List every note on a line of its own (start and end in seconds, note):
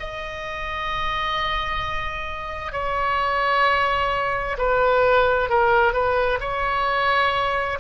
0.00 2.72 D#5
2.72 4.57 C#5
4.58 5.50 B4
5.50 5.93 A#4
5.93 6.39 B4
6.40 7.79 C#5